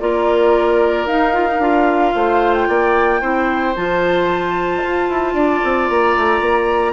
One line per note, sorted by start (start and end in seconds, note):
0.00 1.06 A#3
0.00 1.07 F4
0.00 2.15 A#4
0.00 1.07 D5
1.06 1.59 D#4
1.06 1.34 D#4
1.06 2.54 F5
1.34 1.48 F4
1.48 1.61 D#4
1.59 2.12 D4
1.59 3.21 F4
2.15 2.68 A3
2.15 2.68 C5
2.54 3.75 G5
2.68 3.22 A#3
2.68 3.21 D5
3.21 3.75 C4
3.21 3.75 E4
3.21 5.34 C5
3.76 4.83 F3
3.76 6.93 F4
3.76 5.89 A5
4.84 5.09 F4
5.09 5.34 E4
5.34 5.60 D4
5.34 6.93 D5
5.64 5.89 C4
5.89 6.16 A#3
5.89 6.93 A#5
6.17 6.41 A3
6.41 6.93 A#3